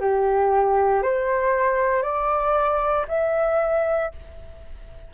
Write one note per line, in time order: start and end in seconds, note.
0.00 1.03 G4
1.03 2.03 C5
2.03 3.06 D5
3.08 4.11 E5